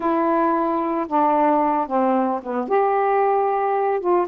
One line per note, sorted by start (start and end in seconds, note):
0.00 1.06 E4
1.07 1.87 D4
1.87 2.41 C4
2.43 2.68 B3
2.68 4.00 G4
4.00 4.27 F4